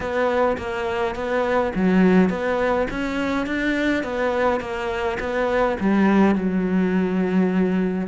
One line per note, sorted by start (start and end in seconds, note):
0.00 0.57 B3
0.57 1.15 A#3
1.15 1.72 B3
1.75 2.29 F#3
2.29 2.87 B3
2.90 3.46 C#4
3.46 4.03 D4
4.03 4.60 B3
4.60 5.18 A#3
5.19 5.77 B3
5.80 6.35 G3
6.35 8.07 F#3